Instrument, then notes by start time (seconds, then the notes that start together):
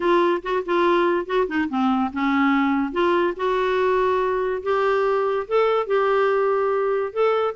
clarinet
0.00 F4
0.42 F#4
0.65 F4
1.26 F#4
1.47 D#4
1.69 C4
2.13 C#4
2.92 F4
3.36 F#4
4.62 G4
5.47 A4
5.86 G4
7.12 A4